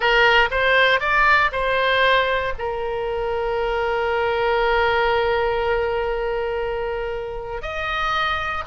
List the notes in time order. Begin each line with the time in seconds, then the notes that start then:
0.00 A#4
0.50 C5
1.00 D5
1.52 C5
2.58 A#4
7.62 D#5